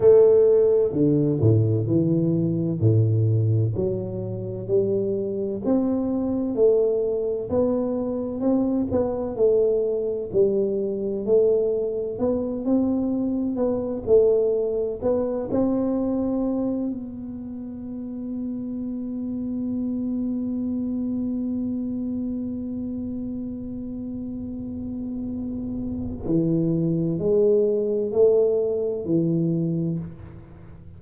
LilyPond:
\new Staff \with { instrumentName = "tuba" } { \time 4/4 \tempo 4 = 64 a4 d8 a,8 e4 a,4 | fis4 g4 c'4 a4 | b4 c'8 b8 a4 g4 | a4 b8 c'4 b8 a4 |
b8 c'4. b2~ | b1~ | b1 | e4 gis4 a4 e4 | }